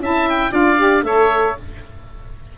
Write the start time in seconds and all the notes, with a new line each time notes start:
0.00 C#4 E4 E5 A5
0.30 G5
0.51 D4 F4 D5 F5
0.77 G4
1.03 A3 A4 C#5 E5